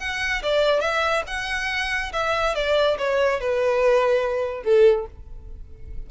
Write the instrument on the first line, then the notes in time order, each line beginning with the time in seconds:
violin
0.00 F#5
0.43 D5
0.81 E5
1.27 F#5
2.13 E5
2.55 D5
2.99 C#5
3.41 B4
4.64 A4